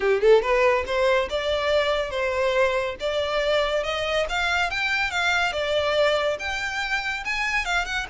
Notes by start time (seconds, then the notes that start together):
0.00 G4
0.21 A4
0.42 B4
0.86 C5
1.29 D5
2.10 C5
3.00 D5
3.83 D#5
4.29 F5
4.70 G5
5.11 F5
5.52 D5
6.39 G5
7.24 G#5
7.65 F5
7.85 F#5